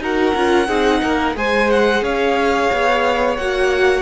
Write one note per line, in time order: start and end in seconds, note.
0.00 0.34 D#4
0.00 0.35 F#4
0.00 0.68 A#4
0.00 1.37 F#5
0.35 0.69 C#4
0.35 0.68 F4
0.68 1.02 C4
0.68 1.34 D#4
0.68 1.01 G#4
1.03 1.35 A#3
1.03 1.37 A#4
1.34 2.02 G#3
1.34 3.37 G#4
1.34 2.04 C5
1.34 1.71 G#5
1.71 2.04 F#5
2.02 2.69 C#4
2.02 4.02 C#5
2.02 3.37 F5
2.72 3.39 B3
3.37 4.02 A#3
3.37 4.02 F#4
3.37 4.02 F#5